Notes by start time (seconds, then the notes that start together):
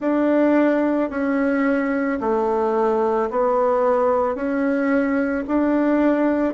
0.00 D4
1.10 C#4
2.20 A3
3.30 B3
4.35 C#4
5.47 D4